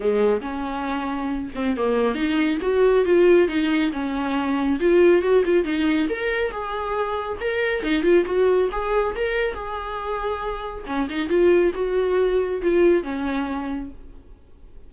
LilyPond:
\new Staff \with { instrumentName = "viola" } { \time 4/4 \tempo 4 = 138 gis4 cis'2~ cis'8 c'8 | ais4 dis'4 fis'4 f'4 | dis'4 cis'2 f'4 | fis'8 f'8 dis'4 ais'4 gis'4~ |
gis'4 ais'4 dis'8 f'8 fis'4 | gis'4 ais'4 gis'2~ | gis'4 cis'8 dis'8 f'4 fis'4~ | fis'4 f'4 cis'2 | }